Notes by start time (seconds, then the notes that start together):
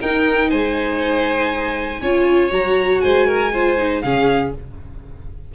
0.00 D#4 A#4 G5
0.49 G#3 C5 G#5
2.01 C#4 F4 C#5
2.50 F#3 F#4 A#5
3.01 G#3 C5 G#5
3.27 A#4
3.53 F4 C5
3.78 D#4
4.01 C#3 C#4 G#4 F5